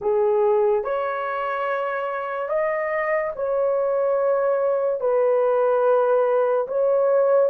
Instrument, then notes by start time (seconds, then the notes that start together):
horn
0.01 G#4
0.84 C#5
2.48 D#5
3.35 C#5
5.00 B4
6.67 C#5